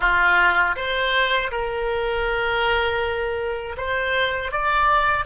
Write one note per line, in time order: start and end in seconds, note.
0.00 0.75 F4
0.75 1.50 C5
1.51 3.76 A#4
3.77 4.51 C5
4.51 5.25 D5